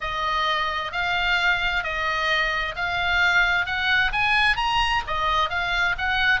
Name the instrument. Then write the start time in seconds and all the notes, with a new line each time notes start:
oboe
0.00 D#5
0.92 F5
1.83 D#5
2.75 F5
3.66 F#5
4.12 G#5
4.56 A#5
5.07 D#5
5.49 F5
5.98 F#5